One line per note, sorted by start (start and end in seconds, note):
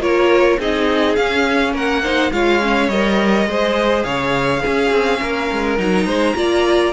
0.00 0.58 A#3
0.00 0.59 F4
0.00 0.59 A#4
0.00 0.60 C#5
0.59 1.17 C4
0.59 1.18 D#4
0.59 1.73 G#4
0.59 1.16 D#5
1.16 1.74 C#4
1.16 2.03 C#4
1.16 1.73 F5
1.73 2.31 A#3
1.73 2.02 A#4
1.73 2.33 F#5
2.03 2.32 D#4
2.03 2.32 C5
2.31 2.89 G#3
2.31 2.62 F4
2.31 3.48 C#5
2.31 2.89 F5
2.62 2.90 C#4
2.89 3.46 G3
2.89 3.49 A#4
2.89 4.04 D#5
3.46 4.04 G#3
3.46 4.64 G#4
3.46 4.05 C5
4.04 4.63 C#3
4.04 4.62 C#5
4.04 5.77 F5
4.62 5.78 C#4
4.62 4.91 C#4
4.62 5.20 G#4
4.91 5.20 C4
5.21 5.50 A#3
5.21 6.06 A#4
5.52 5.79 G#3
5.78 6.06 F#3
5.78 6.35 D#4
5.78 6.93 A#5
6.06 6.34 G#3
6.06 6.35 C5
6.35 6.93 A#3
6.35 6.93 F4
6.35 6.93 D5